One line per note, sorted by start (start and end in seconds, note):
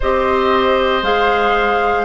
0.00 1.02 C4
0.00 1.03 G4
0.00 2.04 C5
0.00 1.03 D#5
1.02 2.04 G#3
1.02 2.04 G#4
1.02 2.04 F5